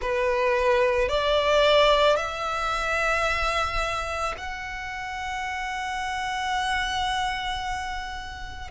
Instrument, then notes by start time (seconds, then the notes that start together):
violin
0.01 B4
1.09 D5
2.16 E5
4.37 F#5